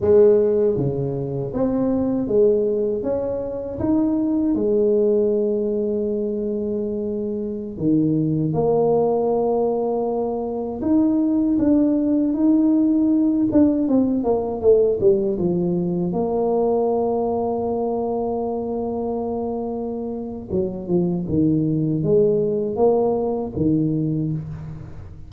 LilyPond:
\new Staff \with { instrumentName = "tuba" } { \time 4/4 \tempo 4 = 79 gis4 cis4 c'4 gis4 | cis'4 dis'4 gis2~ | gis2~ gis16 dis4 ais8.~ | ais2~ ais16 dis'4 d'8.~ |
d'16 dis'4. d'8 c'8 ais8 a8 g16~ | g16 f4 ais2~ ais8.~ | ais2. fis8 f8 | dis4 gis4 ais4 dis4 | }